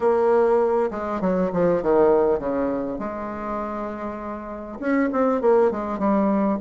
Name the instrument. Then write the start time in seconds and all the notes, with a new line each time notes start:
bassoon
0.00 A#3
0.90 G#3
1.20 F#3
1.52 F3
1.82 D#3
2.39 C#3
2.98 G#3
4.79 C#4
5.12 C4
5.41 A#3
5.71 G#3
5.98 G3